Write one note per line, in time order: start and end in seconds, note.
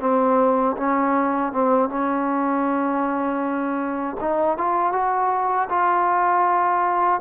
0.00 0.76 C4
0.77 1.53 C#4
1.53 1.89 C4
1.89 4.17 C#4
4.20 4.58 D#4
4.58 4.93 F4
4.93 5.69 F#4
5.70 7.21 F4